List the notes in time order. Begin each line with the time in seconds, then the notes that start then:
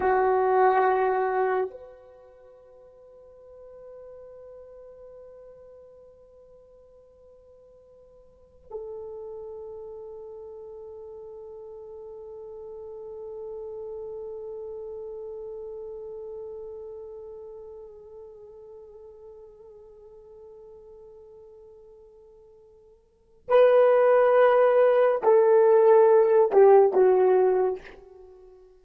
0.00 F#4
1.70 B4
8.70 A4
23.48 B4
25.22 A4
26.51 G4
26.93 F#4